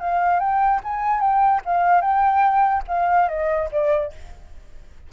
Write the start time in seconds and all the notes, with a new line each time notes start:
0.00 F5
0.39 G5
0.83 G#5
1.20 G5
1.65 F5
2.01 G5
2.87 F5
3.28 D#5
3.71 D5